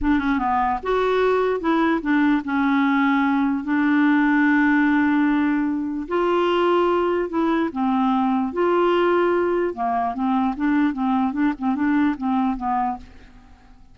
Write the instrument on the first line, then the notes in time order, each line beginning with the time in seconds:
clarinet
0.01 D4
0.19 C#4
0.38 B3
0.83 F#4
1.60 E4
2.01 D4
2.44 C#4
3.64 D4
6.08 F4
7.29 E4
7.72 C4
8.52 F4
9.74 A#3
10.14 C4
10.56 D4
10.93 C4
11.32 D4
11.58 C4
11.75 D4
12.17 C4
12.56 B3